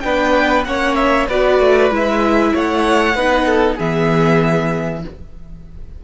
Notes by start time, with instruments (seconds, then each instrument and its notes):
0.00 cello B3, viola D4, violin B4 G5
0.64 cello A#3, viola C#4, violin C#5 F#5
0.95 violin E5
1.27 cello B3, viola F#4, violin B4 D5
1.59 cello A3
1.90 cello G#3, viola E4, violin E5
2.53 cello A3, violin C#5 F#5
3.14 cello B3, viola D#4, violin B4
3.46 violin A4
3.75 cello E3, viola B3, violin G#4 E5